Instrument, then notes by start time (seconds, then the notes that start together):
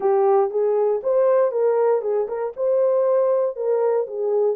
horn
0.00 G4
0.50 G#4
1.03 C5
1.51 A#4
2.01 G#4
2.27 A#4
2.56 C5
3.56 A#4
4.07 G#4